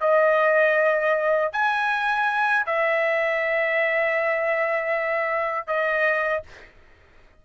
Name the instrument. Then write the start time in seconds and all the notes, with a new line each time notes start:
trumpet
0.00 D#5
1.52 G#5
2.66 E5
5.67 D#5